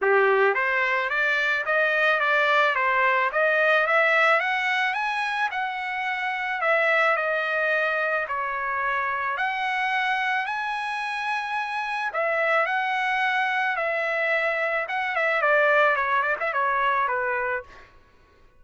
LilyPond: \new Staff \with { instrumentName = "trumpet" } { \time 4/4 \tempo 4 = 109 g'4 c''4 d''4 dis''4 | d''4 c''4 dis''4 e''4 | fis''4 gis''4 fis''2 | e''4 dis''2 cis''4~ |
cis''4 fis''2 gis''4~ | gis''2 e''4 fis''4~ | fis''4 e''2 fis''8 e''8 | d''4 cis''8 d''16 e''16 cis''4 b'4 | }